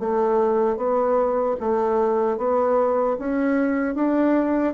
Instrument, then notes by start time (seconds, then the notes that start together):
bassoon
0.00 A3
0.77 B3
1.60 A3
2.38 B3
3.19 C#4
3.95 D4